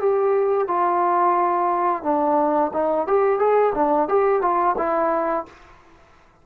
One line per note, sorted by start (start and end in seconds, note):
0.00 0.68 G4
0.68 2.03 F4
2.03 2.71 D4
2.74 3.07 D#4
3.07 3.39 G4
3.39 3.73 G#4
3.75 4.08 D4
4.08 4.42 G4
4.42 4.76 F4
4.78 5.46 E4